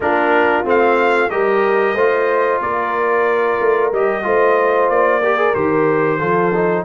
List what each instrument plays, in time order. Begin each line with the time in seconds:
0.00 tuba A#3, trombone D4, horn F4, trumpet A#4
0.64 tuba A3, trombone C4, trumpet F5
1.29 tuba G3, trombone G4, horn A#4, trumpet D#5
1.94 tuba A3, trombone F4, horn C5
2.61 tuba A#3, horn A#4, trumpet D5
3.60 tuba A3
3.92 tuba G3, trombone G4, trumpet D#5
4.23 tuba A3, trombone F4, horn C5
4.89 tuba A#3, trumpet D5
5.22 trombone G4, horn A#4
5.37 trombone G#4
5.54 tuba D#3, trombone G4, trumpet C5
6.18 tuba F3, trombone F4, horn A4
6.54 trombone D#4